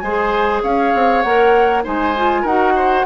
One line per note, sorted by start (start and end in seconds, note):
0.00 0.63 G#3
0.00 0.63 C5
0.00 0.61 G#5
0.07 1.26 G#4
0.63 0.94 C#4
0.63 1.84 C#5
0.63 1.22 F5
0.95 1.25 C4
1.22 1.85 A#3
1.22 1.84 A#4
1.22 1.83 F#5
1.84 2.44 G#3
1.84 2.14 D#4
1.84 2.42 C5
1.84 2.47 G#5
2.17 2.48 F4
2.42 3.04 D#4
2.42 3.06 F#4
2.42 2.72 A#4
2.42 3.06 F#5
2.76 3.06 C5